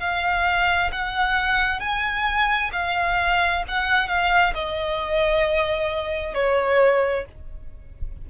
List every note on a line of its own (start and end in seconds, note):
0.00 0.91 F5
0.92 1.80 F#5
1.80 2.71 G#5
2.72 3.63 F5
3.68 4.08 F#5
4.08 4.53 F5
4.54 6.34 D#5
6.34 7.25 C#5